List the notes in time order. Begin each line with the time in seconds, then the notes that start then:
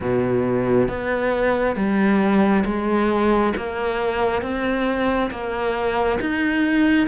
0.00 B2
0.88 B3
1.76 G3
2.65 G#3
3.56 A#3
4.42 C4
5.31 A#3
6.20 D#4